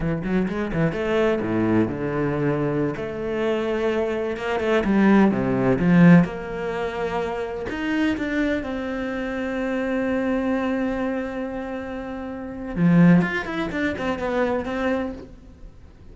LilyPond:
\new Staff \with { instrumentName = "cello" } { \time 4/4 \tempo 4 = 127 e8 fis8 gis8 e8 a4 a,4 | d2~ d16 a4.~ a16~ | a4~ a16 ais8 a8 g4 c8.~ | c16 f4 ais2~ ais8.~ |
ais16 dis'4 d'4 c'4.~ c'16~ | c'1~ | c'2. f4 | f'8 e'8 d'8 c'8 b4 c'4 | }